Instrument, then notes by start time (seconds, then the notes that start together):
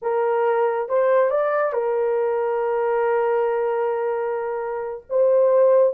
horn
0.02 A#4
0.88 C5
1.30 D5
1.72 A#4
5.09 C5